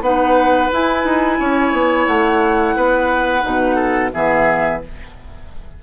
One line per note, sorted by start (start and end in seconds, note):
0.00 0.68 B3
0.00 0.71 D#4
0.00 1.39 B4
0.00 0.70 F#5
0.71 3.41 E4
0.71 1.04 E4
0.71 2.06 G#5
1.04 1.38 D#4
1.39 1.72 C#4
1.39 2.75 C#5
1.72 2.06 B3
2.06 2.75 A3
2.06 4.11 F#5
2.75 3.43 B3
2.75 3.75 B4
3.41 4.12 B2
3.41 4.09 D#4
3.75 4.09 A4
4.13 4.82 E3
4.13 4.81 B3
4.13 4.82 G#4
4.13 4.81 E5